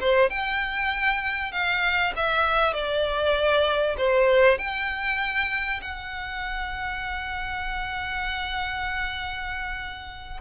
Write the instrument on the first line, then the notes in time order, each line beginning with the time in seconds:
violin
0.00 C5
0.30 G5
1.52 F5
2.16 E5
2.74 D5
3.97 C5
4.58 G5
5.81 F#5